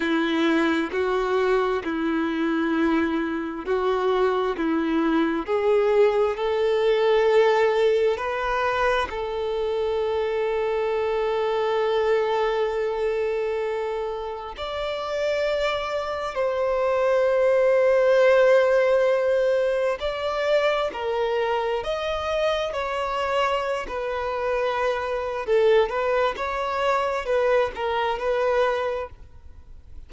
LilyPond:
\new Staff \with { instrumentName = "violin" } { \time 4/4 \tempo 4 = 66 e'4 fis'4 e'2 | fis'4 e'4 gis'4 a'4~ | a'4 b'4 a'2~ | a'1 |
d''2 c''2~ | c''2 d''4 ais'4 | dis''4 cis''4~ cis''16 b'4.~ b'16 | a'8 b'8 cis''4 b'8 ais'8 b'4 | }